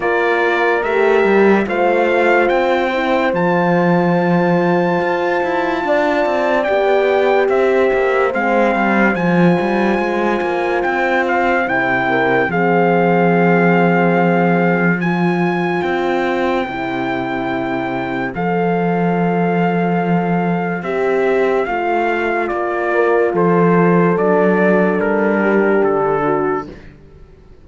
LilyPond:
<<
  \new Staff \with { instrumentName = "trumpet" } { \time 4/4 \tempo 4 = 72 d''4 e''4 f''4 g''4 | a''1 | g''4 e''4 f''4 gis''4~ | gis''4 g''8 f''8 g''4 f''4~ |
f''2 gis''4 g''4~ | g''2 f''2~ | f''4 e''4 f''4 d''4 | c''4 d''4 ais'4 a'4 | }
  \new Staff \with { instrumentName = "horn" } { \time 4/4 ais'2 c''2~ | c''2. d''4~ | d''4 c''2.~ | c''2~ c''8 ais'8 gis'4~ |
gis'2 c''2~ | c''1~ | c''2.~ c''8 ais'8 | a'2~ a'8 g'4 fis'8 | }
  \new Staff \with { instrumentName = "horn" } { \time 4/4 f'4 g'4 f'4. e'8 | f'1 | g'2 c'4 f'4~ | f'2 e'4 c'4~ |
c'2 f'2 | e'2 a'2~ | a'4 g'4 f'2~ | f'4 d'2. | }
  \new Staff \with { instrumentName = "cello" } { \time 4/4 ais4 a8 g8 a4 c'4 | f2 f'8 e'8 d'8 c'8 | b4 c'8 ais8 gis8 g8 f8 g8 | gis8 ais8 c'4 c4 f4~ |
f2. c'4 | c2 f2~ | f4 c'4 a4 ais4 | f4 fis4 g4 d4 | }
>>